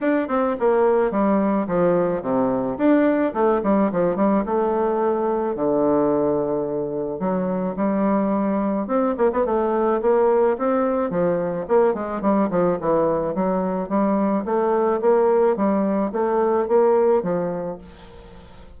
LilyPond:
\new Staff \with { instrumentName = "bassoon" } { \time 4/4 \tempo 4 = 108 d'8 c'8 ais4 g4 f4 | c4 d'4 a8 g8 f8 g8 | a2 d2~ | d4 fis4 g2 |
c'8 ais16 b16 a4 ais4 c'4 | f4 ais8 gis8 g8 f8 e4 | fis4 g4 a4 ais4 | g4 a4 ais4 f4 | }